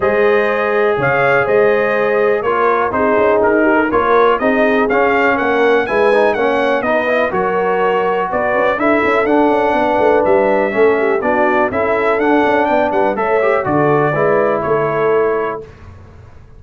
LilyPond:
<<
  \new Staff \with { instrumentName = "trumpet" } { \time 4/4 \tempo 4 = 123 dis''2 f''4 dis''4~ | dis''4 cis''4 c''4 ais'4 | cis''4 dis''4 f''4 fis''4 | gis''4 fis''4 dis''4 cis''4~ |
cis''4 d''4 e''4 fis''4~ | fis''4 e''2 d''4 | e''4 fis''4 g''8 fis''8 e''4 | d''2 cis''2 | }
  \new Staff \with { instrumentName = "horn" } { \time 4/4 c''2 cis''4 c''4~ | c''4 ais'4 gis'4. g'16 a'16 | ais'4 gis'2 ais'4 | b'4 cis''4 b'4 ais'4~ |
ais'4 b'4 a'2 | b'2 a'8 g'8 fis'4 | a'2 d''8 b'8 cis''4 | a'4 b'4 a'2 | }
  \new Staff \with { instrumentName = "trombone" } { \time 4/4 gis'1~ | gis'4 f'4 dis'2 | f'4 dis'4 cis'2 | e'8 dis'8 cis'4 dis'8 e'8 fis'4~ |
fis'2 e'4 d'4~ | d'2 cis'4 d'4 | e'4 d'2 a'8 g'8 | fis'4 e'2. | }
  \new Staff \with { instrumentName = "tuba" } { \time 4/4 gis2 cis4 gis4~ | gis4 ais4 c'8 cis'8 dis'4 | ais4 c'4 cis'4 ais4 | gis4 ais4 b4 fis4~ |
fis4 b8 cis'8 d'8 cis'8 d'8 cis'8 | b8 a8 g4 a4 b4 | cis'4 d'8 cis'8 b8 g8 a4 | d4 gis4 a2 | }
>>